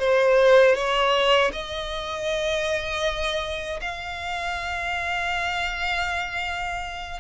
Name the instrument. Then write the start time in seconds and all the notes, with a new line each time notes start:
violin
0.00 C5
0.76 C#5
1.53 D#5
3.81 F5